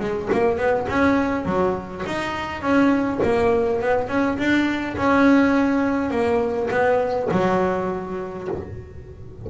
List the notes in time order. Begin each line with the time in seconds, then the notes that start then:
0.00 G#3
0.32 A#3
0.58 B3
0.89 C#4
1.46 F#3
2.07 D#4
2.62 C#4
3.23 A#3
3.81 B3
4.09 C#4
4.38 D4
4.98 C#4
6.11 A#3
6.71 B3
7.32 F#3